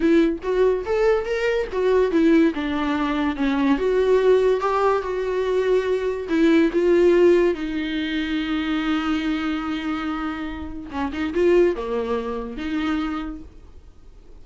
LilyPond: \new Staff \with { instrumentName = "viola" } { \time 4/4 \tempo 4 = 143 e'4 fis'4 a'4 ais'4 | fis'4 e'4 d'2 | cis'4 fis'2 g'4 | fis'2. e'4 |
f'2 dis'2~ | dis'1~ | dis'2 cis'8 dis'8 f'4 | ais2 dis'2 | }